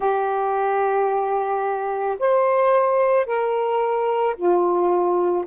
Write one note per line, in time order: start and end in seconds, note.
0.00 2.17 G4
2.19 3.26 C5
3.26 4.35 A#4
4.35 5.44 F4